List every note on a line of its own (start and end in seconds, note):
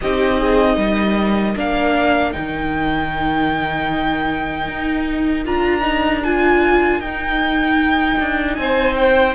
0.01 0.77 C4
0.01 1.55 D#4
0.01 0.39 G4
0.01 1.56 D#5
0.39 0.75 G#4
0.75 1.55 G3
0.75 8.54 A#4
1.55 2.34 A#3
1.55 2.32 D4
1.55 2.32 F5
2.32 4.68 D#3
2.32 5.44 D#4
2.32 5.44 G5
4.68 5.46 D#4
5.44 6.99 D4
5.44 5.81 F4
5.44 6.23 A#5
5.81 6.20 D#4
6.23 7.02 F4
6.23 7.00 G#5
6.99 8.16 D#4
6.99 9.35 D#4
6.99 8.54 G5
8.19 8.57 D4
8.54 9.35 C4
8.54 8.93 G#5
8.60 9.35 C5
8.95 9.34 G5